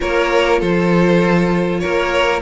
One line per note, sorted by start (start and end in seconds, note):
0.00 0.61 A#3
0.00 2.42 F4
0.00 0.59 A#4
0.00 0.61 C#5
0.59 1.83 F3
0.59 1.80 A4
0.59 1.79 C5
1.79 2.42 A#3
1.79 2.42 A#4
1.79 2.40 C#5